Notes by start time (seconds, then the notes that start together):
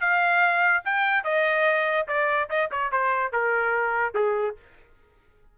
0.00 F5
0.84 G5
1.24 D#5
2.07 D5
2.49 D#5
2.71 C#5
2.91 C5
3.32 A#4
4.14 G#4